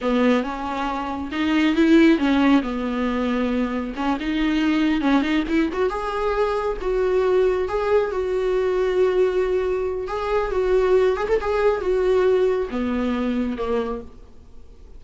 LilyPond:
\new Staff \with { instrumentName = "viola" } { \time 4/4 \tempo 4 = 137 b4 cis'2 dis'4 | e'4 cis'4 b2~ | b4 cis'8 dis'2 cis'8 | dis'8 e'8 fis'8 gis'2 fis'8~ |
fis'4. gis'4 fis'4.~ | fis'2. gis'4 | fis'4. gis'16 a'16 gis'4 fis'4~ | fis'4 b2 ais4 | }